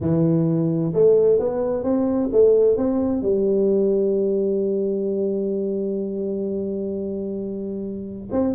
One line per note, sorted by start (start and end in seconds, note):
0.00 0.93 E3
0.93 1.39 A3
1.39 1.83 B3
1.83 2.29 C4
2.31 2.77 A3
2.77 3.21 C4
3.21 8.29 G3
8.31 8.54 C4